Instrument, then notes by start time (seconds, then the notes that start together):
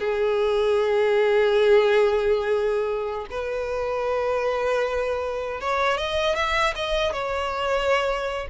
violin
0.00 G#4
3.31 B4
5.61 C#5
5.98 D#5
6.36 E5
6.76 D#5
7.13 C#5